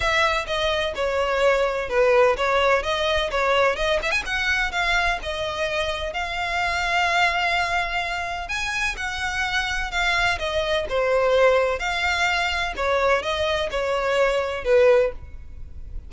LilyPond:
\new Staff \with { instrumentName = "violin" } { \time 4/4 \tempo 4 = 127 e''4 dis''4 cis''2 | b'4 cis''4 dis''4 cis''4 | dis''8 e''16 gis''16 fis''4 f''4 dis''4~ | dis''4 f''2.~ |
f''2 gis''4 fis''4~ | fis''4 f''4 dis''4 c''4~ | c''4 f''2 cis''4 | dis''4 cis''2 b'4 | }